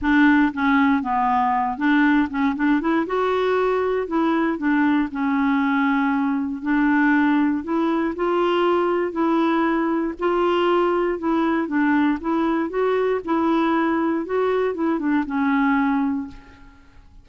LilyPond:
\new Staff \with { instrumentName = "clarinet" } { \time 4/4 \tempo 4 = 118 d'4 cis'4 b4. d'8~ | d'8 cis'8 d'8 e'8 fis'2 | e'4 d'4 cis'2~ | cis'4 d'2 e'4 |
f'2 e'2 | f'2 e'4 d'4 | e'4 fis'4 e'2 | fis'4 e'8 d'8 cis'2 | }